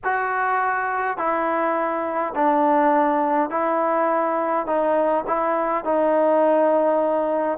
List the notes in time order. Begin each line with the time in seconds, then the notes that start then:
0.04 F#4
1.17 E4
2.35 D4
3.50 E4
4.66 D#4
5.27 E4
5.84 D#4